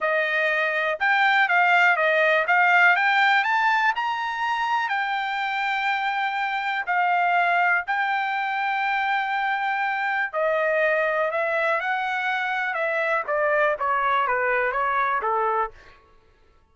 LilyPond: \new Staff \with { instrumentName = "trumpet" } { \time 4/4 \tempo 4 = 122 dis''2 g''4 f''4 | dis''4 f''4 g''4 a''4 | ais''2 g''2~ | g''2 f''2 |
g''1~ | g''4 dis''2 e''4 | fis''2 e''4 d''4 | cis''4 b'4 cis''4 a'4 | }